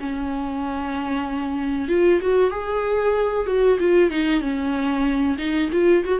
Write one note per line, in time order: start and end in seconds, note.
0.00 1.88 C#4
1.88 2.20 F4
2.21 2.50 F#4
2.50 3.46 G#4
3.46 3.78 F#4
3.79 4.10 F4
4.10 4.41 D#4
4.41 5.37 C#4
5.38 5.70 D#4
5.72 6.04 F4
6.04 6.19 F#4